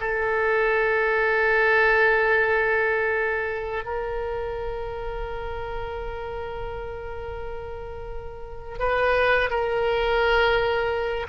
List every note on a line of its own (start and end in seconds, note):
0.00 3.84 A4
3.84 8.79 A#4
8.79 9.50 B4
9.50 11.27 A#4